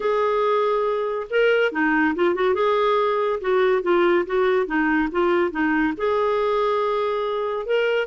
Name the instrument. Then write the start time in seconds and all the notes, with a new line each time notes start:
clarinet
0.00 G#4
1.30 A#4
1.71 D#4
2.15 F4
2.34 F#4
2.54 G#4
3.40 F#4
3.82 F4
4.26 F#4
4.66 D#4
5.11 F4
5.51 D#4
5.97 G#4
7.66 A#4